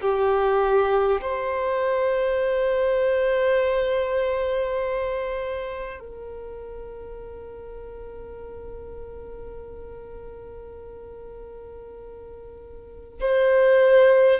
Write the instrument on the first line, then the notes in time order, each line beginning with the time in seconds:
violin
0.00 G4
1.21 C5
5.99 A#4
13.20 C5